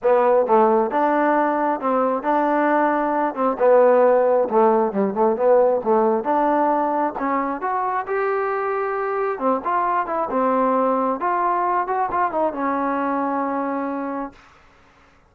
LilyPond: \new Staff \with { instrumentName = "trombone" } { \time 4/4 \tempo 4 = 134 b4 a4 d'2 | c'4 d'2~ d'8 c'8 | b2 a4 g8 a8 | b4 a4 d'2 |
cis'4 fis'4 g'2~ | g'4 c'8 f'4 e'8 c'4~ | c'4 f'4. fis'8 f'8 dis'8 | cis'1 | }